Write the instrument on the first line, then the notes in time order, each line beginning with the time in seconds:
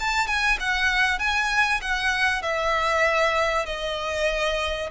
violin
0.00 A5
0.27 G#5
0.60 F#5
1.19 G#5
1.81 F#5
2.42 E5
3.66 D#5